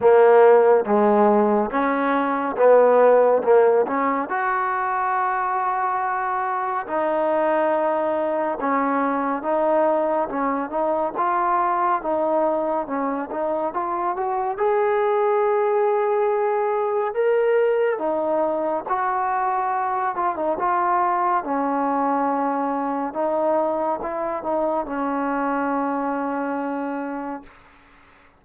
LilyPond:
\new Staff \with { instrumentName = "trombone" } { \time 4/4 \tempo 4 = 70 ais4 gis4 cis'4 b4 | ais8 cis'8 fis'2. | dis'2 cis'4 dis'4 | cis'8 dis'8 f'4 dis'4 cis'8 dis'8 |
f'8 fis'8 gis'2. | ais'4 dis'4 fis'4. f'16 dis'16 | f'4 cis'2 dis'4 | e'8 dis'8 cis'2. | }